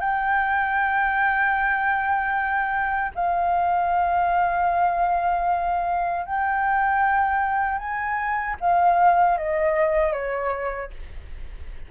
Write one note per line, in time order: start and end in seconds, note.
0.00 3.12 G5
3.15 6.26 F5
6.26 7.79 G5
7.79 8.56 G#5
8.60 9.38 F5
9.38 10.12 D#5
10.12 10.90 C#5